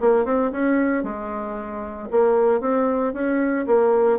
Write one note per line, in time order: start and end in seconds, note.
0.00 0.25 A#3
0.25 0.51 C4
0.52 1.03 C#4
1.03 2.09 G#3
2.11 2.60 A#3
2.60 3.13 C4
3.13 3.66 C#4
3.66 4.19 A#3